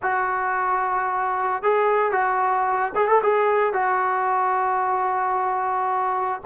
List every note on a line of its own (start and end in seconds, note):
0.02 1.62 F#4
1.62 2.11 G#4
2.11 2.92 F#4
2.95 3.08 G#4
3.08 3.21 A4
3.22 3.73 G#4
3.73 6.41 F#4